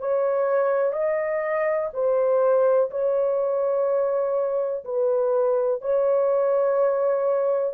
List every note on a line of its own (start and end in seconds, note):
0.00 0.93 C#5
0.93 1.90 D#5
1.94 2.90 C5
2.91 4.84 C#5
4.85 5.82 B4
5.82 7.74 C#5